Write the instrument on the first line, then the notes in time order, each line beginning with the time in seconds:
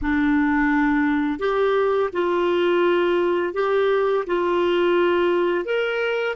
clarinet
0.01 D4
1.39 G4
2.12 F4
3.53 G4
4.26 F4
5.65 A#4